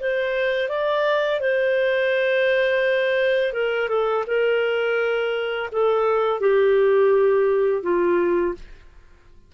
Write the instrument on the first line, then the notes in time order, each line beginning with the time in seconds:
clarinet
0.00 C5
0.69 D5
1.40 C5
3.53 A#4
3.89 A4
4.27 A#4
5.72 A4
6.40 G4
7.83 F4